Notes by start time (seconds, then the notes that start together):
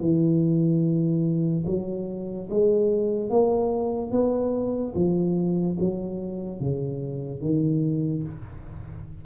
0.00 E3
1.66 F#3
2.50 G#3
3.30 A#3
4.11 B3
4.95 F3
5.79 F#3
6.60 C#3
7.41 D#3